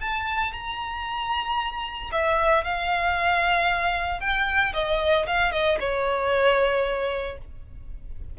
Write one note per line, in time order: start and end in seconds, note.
0.00 0.52 A5
0.52 2.10 A#5
2.11 2.64 E5
2.64 4.20 F5
4.20 4.72 G5
4.73 5.26 D#5
5.26 5.52 F5
5.52 5.78 D#5
5.79 7.37 C#5